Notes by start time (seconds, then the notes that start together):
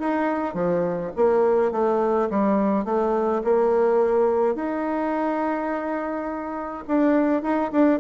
0.00 D#4
0.55 F3
1.16 A#3
1.72 A3
2.30 G3
2.85 A3
3.44 A#3
4.56 D#4
6.88 D4
7.43 D#4
7.72 D4